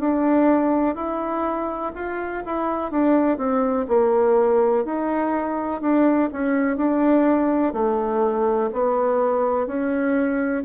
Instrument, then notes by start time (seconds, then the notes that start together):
bassoon
0.00 D4
0.96 E4
1.95 F4
2.46 E4
2.92 D4
3.38 C4
3.88 A#3
4.85 D#4
5.82 D4
6.33 C#4
6.77 D4
7.74 A3
8.73 B3
9.67 C#4